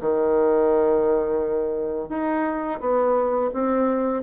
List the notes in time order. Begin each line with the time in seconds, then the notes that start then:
0.00 D#3
2.09 D#4
2.80 B3
3.53 C4